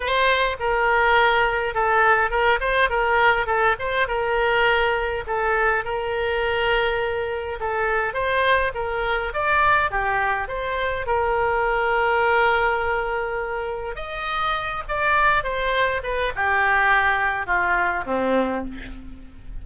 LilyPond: \new Staff \with { instrumentName = "oboe" } { \time 4/4 \tempo 4 = 103 c''4 ais'2 a'4 | ais'8 c''8 ais'4 a'8 c''8 ais'4~ | ais'4 a'4 ais'2~ | ais'4 a'4 c''4 ais'4 |
d''4 g'4 c''4 ais'4~ | ais'1 | dis''4. d''4 c''4 b'8 | g'2 f'4 c'4 | }